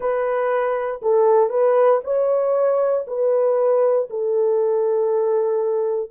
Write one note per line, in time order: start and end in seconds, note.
0.00 1.00 B4
1.02 1.49 A4
1.49 2.00 B4
2.03 3.05 C#5
3.07 4.09 B4
4.10 6.10 A4